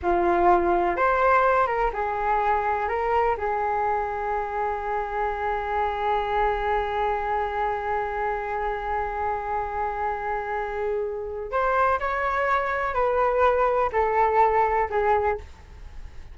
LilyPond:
\new Staff \with { instrumentName = "flute" } { \time 4/4 \tempo 4 = 125 f'2 c''4. ais'8 | gis'2 ais'4 gis'4~ | gis'1~ | gis'1~ |
gis'1~ | gis'1 | c''4 cis''2 b'4~ | b'4 a'2 gis'4 | }